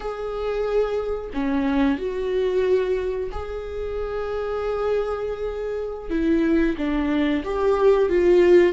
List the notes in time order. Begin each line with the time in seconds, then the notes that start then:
0.00 G#4
1.33 C#4
1.98 F#4
3.31 G#4
6.10 E4
6.77 D4
7.44 G4
8.09 F4